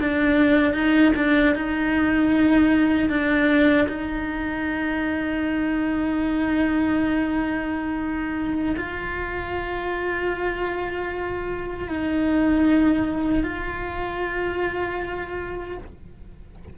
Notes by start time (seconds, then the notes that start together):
0.00 D4
0.73 D#4
1.15 D4
1.55 D#4
3.09 D4
3.88 D#4
8.76 F4
11.88 D#4
13.43 F4